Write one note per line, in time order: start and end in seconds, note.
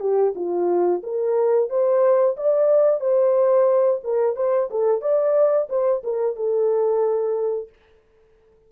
0.00 0.33 G4
0.35 1.02 F4
1.03 1.69 A#4
1.69 2.36 C5
2.37 3.01 D5
3.01 4.01 C5
4.04 4.36 A#4
4.36 4.69 C5
4.70 5.01 A4
5.01 5.68 D5
5.69 6.02 C5
6.04 6.36 A#4
6.36 7.69 A4